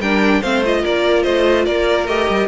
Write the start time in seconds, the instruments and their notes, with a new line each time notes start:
0.00 cello G3, viola D4, violin A#4 G5
0.41 cello A3, viola C4, violin C5 F5
0.65 viola F4, violin D#5
0.83 cello A#3, violin A#4 D5
1.23 cello A3, violin C5 D#5
1.66 cello A#3, violin A#4 D5
2.07 cello A3, viola G4, violin D#5
2.29 cello G3